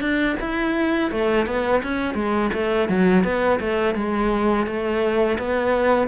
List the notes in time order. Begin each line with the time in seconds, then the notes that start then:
0.00 D4
0.40 E4
1.11 A3
1.46 B3
1.82 C#4
2.14 G#3
2.53 A3
2.88 F#3
3.24 B3
3.59 A3
3.94 G#3
4.66 A3
5.38 B3